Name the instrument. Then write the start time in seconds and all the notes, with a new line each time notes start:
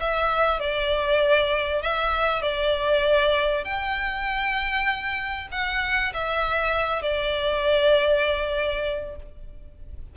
violin
0.00 E5
0.60 D5
1.82 E5
2.42 D5
3.65 G5
5.52 F#5
6.14 E5
7.02 D5